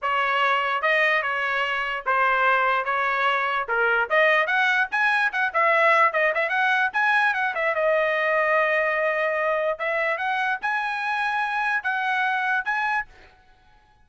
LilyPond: \new Staff \with { instrumentName = "trumpet" } { \time 4/4 \tempo 4 = 147 cis''2 dis''4 cis''4~ | cis''4 c''2 cis''4~ | cis''4 ais'4 dis''4 fis''4 | gis''4 fis''8 e''4. dis''8 e''8 |
fis''4 gis''4 fis''8 e''8 dis''4~ | dis''1 | e''4 fis''4 gis''2~ | gis''4 fis''2 gis''4 | }